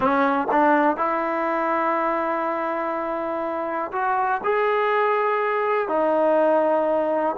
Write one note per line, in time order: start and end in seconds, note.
0.00 0.47 C#4
0.51 0.96 D4
0.96 3.91 E4
3.92 4.41 F#4
4.44 5.88 G#4
5.88 7.35 D#4